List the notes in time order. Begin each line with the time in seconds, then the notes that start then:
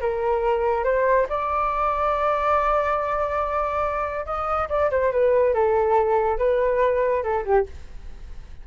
0.00 A#4
0.84 C5
1.29 D5
4.25 D#5
4.69 D5
4.90 C5
5.12 B4
5.54 A4
6.38 B4
7.23 A4
7.44 G4